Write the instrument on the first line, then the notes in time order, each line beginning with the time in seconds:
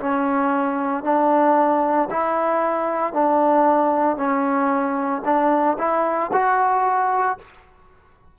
trombone
0.00 C#4
1.03 D4
2.11 E4
3.13 D4
4.17 C#4
5.25 D4
5.78 E4
6.33 F#4